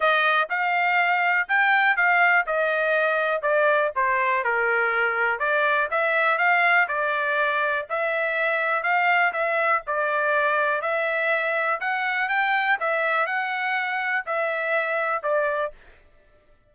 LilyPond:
\new Staff \with { instrumentName = "trumpet" } { \time 4/4 \tempo 4 = 122 dis''4 f''2 g''4 | f''4 dis''2 d''4 | c''4 ais'2 d''4 | e''4 f''4 d''2 |
e''2 f''4 e''4 | d''2 e''2 | fis''4 g''4 e''4 fis''4~ | fis''4 e''2 d''4 | }